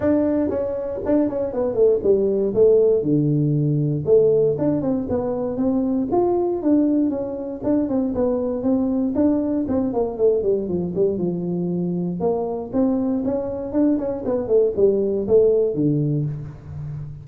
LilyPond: \new Staff \with { instrumentName = "tuba" } { \time 4/4 \tempo 4 = 118 d'4 cis'4 d'8 cis'8 b8 a8 | g4 a4 d2 | a4 d'8 c'8 b4 c'4 | f'4 d'4 cis'4 d'8 c'8 |
b4 c'4 d'4 c'8 ais8 | a8 g8 f8 g8 f2 | ais4 c'4 cis'4 d'8 cis'8 | b8 a8 g4 a4 d4 | }